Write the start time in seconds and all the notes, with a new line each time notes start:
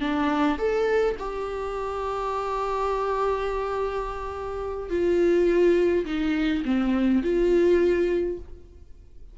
0.00 D4
0.58 A4
1.19 G4
4.90 F4
6.05 D#4
6.65 C4
7.23 F4